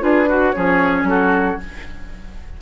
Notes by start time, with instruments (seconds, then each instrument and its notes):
0.00 bassoon D4, clarinet F4, oboe G#4, flute B4
0.29 clarinet F#4, oboe F#4
0.52 bassoon F3, clarinet C#4, oboe G#4, flute C#5
1.04 bassoon F#3, oboe F#4, flute A4